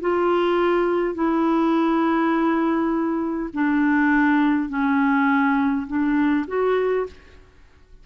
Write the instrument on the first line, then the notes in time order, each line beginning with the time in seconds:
clarinet
0.00 F4
1.14 E4
3.53 D4
4.69 C#4
5.87 D4
6.47 F#4